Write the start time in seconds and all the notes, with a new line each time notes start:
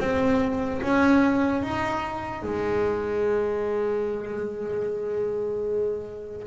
0.00 C4
0.81 C#4
1.63 D#4
2.43 G#3